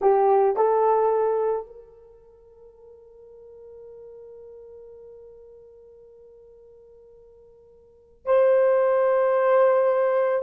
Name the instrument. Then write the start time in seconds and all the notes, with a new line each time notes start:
horn
0.01 G4
0.56 A4
1.66 A#4
8.25 C5